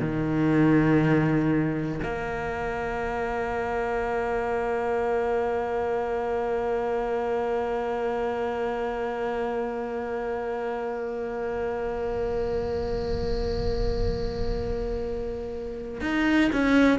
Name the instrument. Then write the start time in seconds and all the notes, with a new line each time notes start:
cello
0.00 D#3
2.03 A#3
16.00 D#4
16.52 C#4